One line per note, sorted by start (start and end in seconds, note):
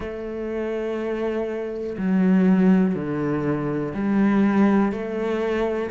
0.00 1.97 A3
1.98 2.95 F#3
2.95 3.93 D3
3.93 4.92 G3
4.92 5.90 A3